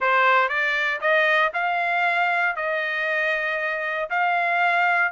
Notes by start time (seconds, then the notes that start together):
0.00 C5
0.48 D5
1.00 D#5
1.53 F5
2.55 D#5
4.10 F5